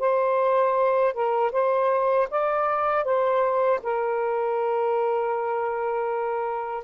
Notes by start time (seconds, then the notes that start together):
0.00 C5
1.14 A#4
1.52 C5
2.31 D5
3.04 C5
3.83 A#4